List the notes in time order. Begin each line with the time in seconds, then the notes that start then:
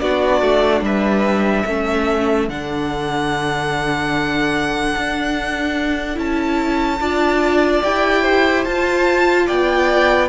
0.00 B3 D4 F#4 D5
0.42 A3
0.82 G3 B4 E5
1.67 A3 C#4 A4
2.49 D3 D4 F#5
4.96 D4
6.15 C#4 E4 A5
7.01 D4 F4 D5
7.84 E4 G4 G5
8.22 C5
8.65 F4 A5
9.47 B3 D5 G5